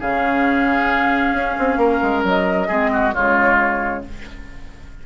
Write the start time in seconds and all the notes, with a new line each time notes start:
0.00 C#3 C#4 G#4 F5
1.33 C#4
1.59 C4
1.77 A#3 A#4
2.03 G#3
2.24 F#3 D#5
2.68 G#3 C4 G#4
2.93 F#4
3.15 C#3 G#3 F4 C#5